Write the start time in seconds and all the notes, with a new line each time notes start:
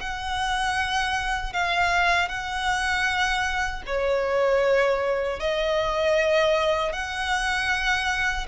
0.00 F#5
1.53 F5
2.28 F#5
3.86 C#5
5.40 D#5
6.92 F#5